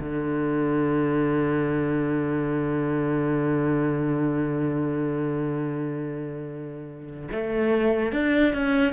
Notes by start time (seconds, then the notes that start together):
0.00 D3
7.32 A3
8.12 D4
8.54 C#4